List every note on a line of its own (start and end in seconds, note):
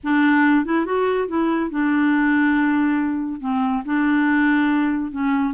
0.03 0.65 D4
0.65 0.85 E4
0.85 1.27 F#4
1.27 1.70 E4
1.70 3.40 D4
3.40 3.83 C4
3.85 5.11 D4
5.11 5.54 C#4